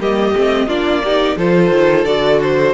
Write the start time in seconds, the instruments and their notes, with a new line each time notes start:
0.00 cello G3, viola A#3, violin G4 D#5
0.36 cello A3, viola C4
0.67 cello A#3, viola D4, violin F4 D5
1.04 viola D#4, violin G4
1.37 cello F3, viola F4, violin A4 C5
1.71 cello D#3
2.05 cello D3, viola F#4, violin D5
2.43 violin C5